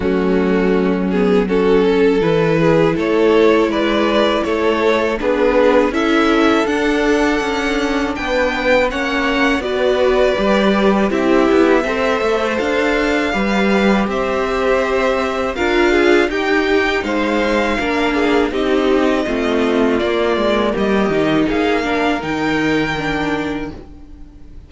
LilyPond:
<<
  \new Staff \with { instrumentName = "violin" } { \time 4/4 \tempo 4 = 81 fis'4. gis'8 a'4 b'4 | cis''4 d''4 cis''4 b'4 | e''4 fis''2 g''4 | fis''4 d''2 e''4~ |
e''4 f''2 e''4~ | e''4 f''4 g''4 f''4~ | f''4 dis''2 d''4 | dis''4 f''4 g''2 | }
  \new Staff \with { instrumentName = "violin" } { \time 4/4 cis'2 fis'8 a'4 gis'8 | a'4 b'4 a'4 gis'4 | a'2. b'4 | cis''4 b'2 g'4 |
c''2 b'4 c''4~ | c''4 ais'8 gis'8 g'4 c''4 | ais'8 gis'8 g'4 f'2 | g'4 gis'8 ais'2~ ais'8 | }
  \new Staff \with { instrumentName = "viola" } { \time 4/4 a4. b8 cis'4 e'4~ | e'2. d'4 | e'4 d'2. | cis'4 fis'4 g'4 e'4 |
a'2 g'2~ | g'4 f'4 dis'2 | d'4 dis'4 c'4 ais4~ | ais8 dis'4 d'8 dis'4 d'4 | }
  \new Staff \with { instrumentName = "cello" } { \time 4/4 fis2. e4 | a4 gis4 a4 b4 | cis'4 d'4 cis'4 b4 | ais4 b4 g4 c'8 b8 |
c'8 a8 d'4 g4 c'4~ | c'4 d'4 dis'4 gis4 | ais4 c'4 a4 ais8 gis8 | g8 dis8 ais4 dis2 | }
>>